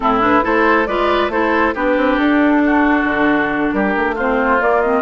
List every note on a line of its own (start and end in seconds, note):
0.00 0.41 A2
0.00 0.20 C4
0.00 0.44 E4
0.00 0.19 A4
0.20 0.42 D4
0.20 0.45 B4
0.42 0.87 A3
0.42 0.86 E4
0.42 0.87 A4
0.42 0.86 C5
0.86 1.28 G#3
0.86 1.31 F4
0.86 1.31 B4
0.86 1.30 D5
1.28 1.72 A3
1.28 1.74 E4
1.28 1.74 A4
1.28 1.74 C5
1.74 1.97 B3
1.74 4.16 D4
1.74 2.62 G4
1.74 2.17 B4
1.97 2.17 C4
2.17 3.04 D4
2.17 3.71 A4
2.65 3.74 F#4
3.04 3.70 D3
3.71 3.95 G3
3.71 4.15 G4
3.71 4.15 A#4
3.95 4.60 A3
4.15 4.59 C4
4.15 5.01 F4
4.15 4.61 C5
4.59 4.81 A#3
4.59 5.01 A#3
4.59 4.81 D5
4.81 5.01 C4
4.81 5.01 D#5